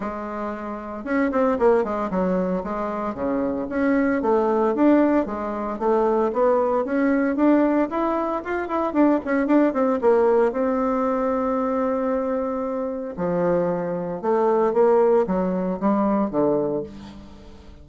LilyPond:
\new Staff \with { instrumentName = "bassoon" } { \time 4/4 \tempo 4 = 114 gis2 cis'8 c'8 ais8 gis8 | fis4 gis4 cis4 cis'4 | a4 d'4 gis4 a4 | b4 cis'4 d'4 e'4 |
f'8 e'8 d'8 cis'8 d'8 c'8 ais4 | c'1~ | c'4 f2 a4 | ais4 fis4 g4 d4 | }